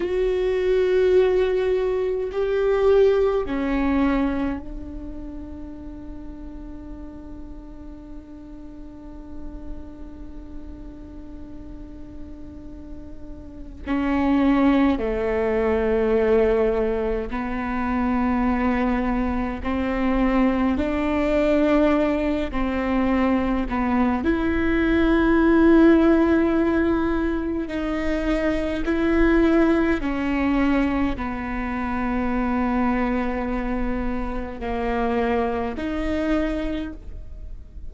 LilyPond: \new Staff \with { instrumentName = "viola" } { \time 4/4 \tempo 4 = 52 fis'2 g'4 cis'4 | d'1~ | d'1 | cis'4 a2 b4~ |
b4 c'4 d'4. c'8~ | c'8 b8 e'2. | dis'4 e'4 cis'4 b4~ | b2 ais4 dis'4 | }